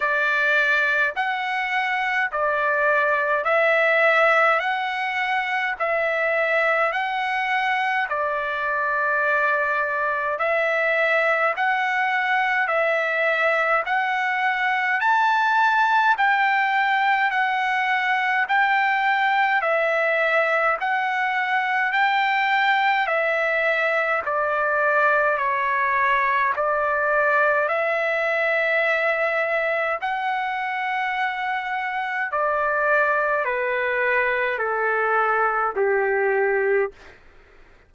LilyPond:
\new Staff \with { instrumentName = "trumpet" } { \time 4/4 \tempo 4 = 52 d''4 fis''4 d''4 e''4 | fis''4 e''4 fis''4 d''4~ | d''4 e''4 fis''4 e''4 | fis''4 a''4 g''4 fis''4 |
g''4 e''4 fis''4 g''4 | e''4 d''4 cis''4 d''4 | e''2 fis''2 | d''4 b'4 a'4 g'4 | }